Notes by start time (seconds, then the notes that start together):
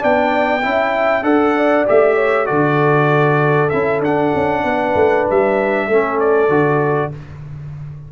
0.00 B3 D4 D5 G5
0.63 C#4 E4 E5
1.23 D4 A4 F#5
1.56 D5
1.86 A3 G4 E5
2.16 C#5
2.46 D3 F#4 A4 D5
3.70 C#4 E4 E5
4.01 D4 F#5
4.35 C#4
4.64 B3 B4
4.95 A3
5.31 G3 E5
5.88 A3 C#4 A4
6.20 D5
6.49 D3 F#4